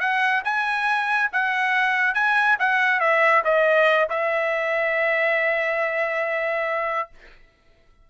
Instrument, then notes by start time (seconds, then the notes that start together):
trumpet
0.00 F#5
0.44 G#5
1.32 F#5
2.14 G#5
2.59 F#5
3.00 E5
3.44 D#5
4.09 E5